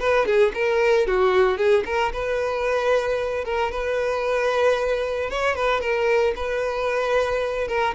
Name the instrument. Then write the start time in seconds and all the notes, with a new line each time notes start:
violin
0.00 B4
0.26 G#4
0.54 A#4
1.07 F#4
1.57 G#4
1.86 A#4
2.13 B4
3.45 A#4
3.72 B4
5.30 C#5
5.56 B4
5.81 A#4
6.36 B4
7.68 A#4